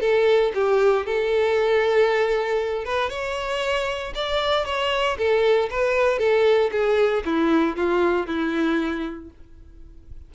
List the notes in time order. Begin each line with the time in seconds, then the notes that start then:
0.00 A4
0.54 G4
1.06 A4
2.84 B4
3.09 C#5
4.14 D5
4.65 C#5
5.17 A4
5.70 B4
6.18 A4
6.71 G#4
7.25 E4
7.76 F4
8.26 E4